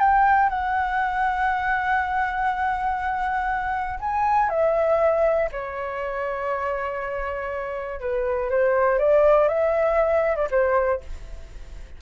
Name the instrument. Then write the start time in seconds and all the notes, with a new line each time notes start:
flute
0.00 G5
0.50 F#5
4.00 G#5
4.50 E5
5.52 C#5
8.00 B4
8.51 C5
8.99 D5
9.49 E5
10.36 D5
10.51 C5